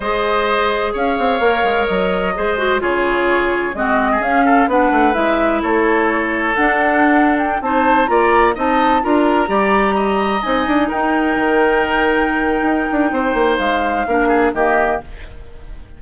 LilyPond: <<
  \new Staff \with { instrumentName = "flute" } { \time 4/4 \tempo 4 = 128 dis''2 f''2 | dis''2 cis''2 | dis''4 f''4 fis''4 e''4 | cis''2 fis''4.~ fis''16 g''16~ |
g''16 a''4 ais''4 a''4 ais''8.~ | ais''2~ ais''16 gis''4 g''8.~ | g''1~ | g''4 f''2 dis''4 | }
  \new Staff \with { instrumentName = "oboe" } { \time 4/4 c''2 cis''2~ | cis''4 c''4 gis'2 | fis'8. gis'8. a'8 b'2 | a'1~ |
a'16 c''4 d''4 dis''4 ais'8.~ | ais'16 d''4 dis''2 ais'8.~ | ais'1 | c''2 ais'8 gis'8 g'4 | }
  \new Staff \with { instrumentName = "clarinet" } { \time 4/4 gis'2. ais'4~ | ais'4 gis'8 fis'8 f'2 | c'4 cis'4 d'4 e'4~ | e'2 d'2~ |
d'16 dis'4 f'4 dis'4 f'8.~ | f'16 g'2 dis'4.~ dis'16~ | dis'1~ | dis'2 d'4 ais4 | }
  \new Staff \with { instrumentName = "bassoon" } { \time 4/4 gis2 cis'8 c'8 ais8 gis8 | fis4 gis4 cis2 | gis4 cis'4 b8 a8 gis4 | a2 d'2~ |
d'16 c'4 ais4 c'4 d'8.~ | d'16 g2 c'8 d'8 dis'8.~ | dis'16 dis2~ dis8. dis'8 d'8 | c'8 ais8 gis4 ais4 dis4 | }
>>